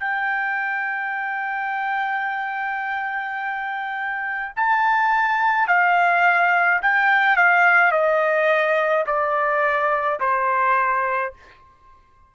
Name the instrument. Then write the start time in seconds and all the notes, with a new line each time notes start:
trumpet
0.00 G5
4.56 A5
5.68 F5
6.82 G5
7.36 F5
7.91 D#5
9.07 D5
10.20 C5